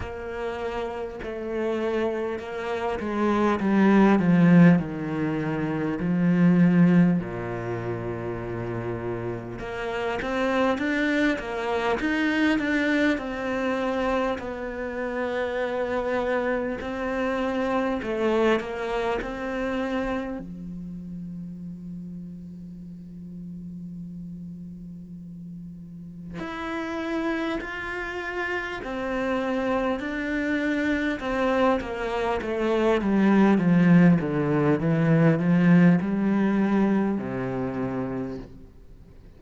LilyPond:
\new Staff \with { instrumentName = "cello" } { \time 4/4 \tempo 4 = 50 ais4 a4 ais8 gis8 g8 f8 | dis4 f4 ais,2 | ais8 c'8 d'8 ais8 dis'8 d'8 c'4 | b2 c'4 a8 ais8 |
c'4 f2.~ | f2 e'4 f'4 | c'4 d'4 c'8 ais8 a8 g8 | f8 d8 e8 f8 g4 c4 | }